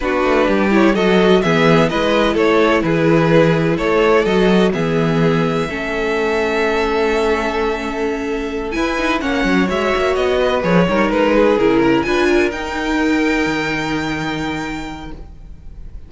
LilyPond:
<<
  \new Staff \with { instrumentName = "violin" } { \time 4/4 \tempo 4 = 127 b'4. cis''8 dis''4 e''4 | dis''4 cis''4 b'2 | cis''4 dis''4 e''2~ | e''1~ |
e''2~ e''8 gis''4 fis''8~ | fis''8 e''4 dis''4 cis''4 b'8~ | b'8 ais'4 gis''4 g''4.~ | g''1 | }
  \new Staff \with { instrumentName = "violin" } { \time 4/4 fis'4 g'4 a'4 gis'4 | b'4 a'4 gis'2 | a'2 gis'2 | a'1~ |
a'2~ a'8 b'4 cis''8~ | cis''2 b'4 ais'4 | gis'4 ais'8 b'8 ais'2~ | ais'1 | }
  \new Staff \with { instrumentName = "viola" } { \time 4/4 d'4. e'8 fis'4 b4 | e'1~ | e'4 fis'4 b2 | cis'1~ |
cis'2~ cis'8 e'8 dis'8 cis'8~ | cis'8 fis'2 gis'8 dis'4~ | dis'8 e'4 f'4 dis'4.~ | dis'1 | }
  \new Staff \with { instrumentName = "cello" } { \time 4/4 b8 a8 g4 fis4 e4 | gis4 a4 e2 | a4 fis4 e2 | a1~ |
a2~ a8 e'4 ais8 | fis8 gis8 ais8 b4 f8 g8 gis8~ | gis8 cis4 d'4 dis'4.~ | dis'8 dis2.~ dis8 | }
>>